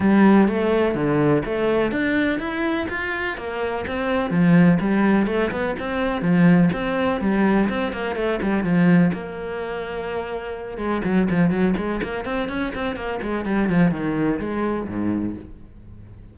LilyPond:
\new Staff \with { instrumentName = "cello" } { \time 4/4 \tempo 4 = 125 g4 a4 d4 a4 | d'4 e'4 f'4 ais4 | c'4 f4 g4 a8 b8 | c'4 f4 c'4 g4 |
c'8 ais8 a8 g8 f4 ais4~ | ais2~ ais8 gis8 fis8 f8 | fis8 gis8 ais8 c'8 cis'8 c'8 ais8 gis8 | g8 f8 dis4 gis4 gis,4 | }